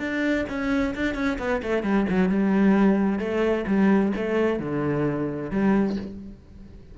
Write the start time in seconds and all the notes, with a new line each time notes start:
0.00 D4
0.49 C#4
0.95 D4
1.15 C#4
1.39 B3
1.63 A3
1.84 G3
2.10 F#3
2.30 G3
3.20 A3
3.67 G3
4.17 A3
4.60 D3
5.51 G3